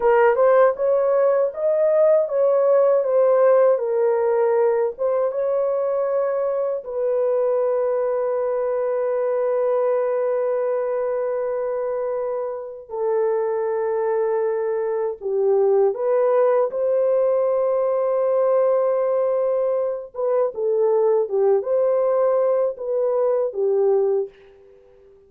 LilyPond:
\new Staff \with { instrumentName = "horn" } { \time 4/4 \tempo 4 = 79 ais'8 c''8 cis''4 dis''4 cis''4 | c''4 ais'4. c''8 cis''4~ | cis''4 b'2.~ | b'1~ |
b'4 a'2. | g'4 b'4 c''2~ | c''2~ c''8 b'8 a'4 | g'8 c''4. b'4 g'4 | }